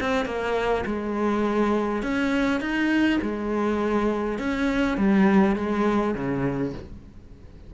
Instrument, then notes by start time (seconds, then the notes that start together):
cello
0.00 C4
0.25 A#3
0.86 G#3
2.03 C#4
2.60 D#4
3.22 G#3
4.38 C#4
4.97 G3
5.55 G#3
6.14 C#3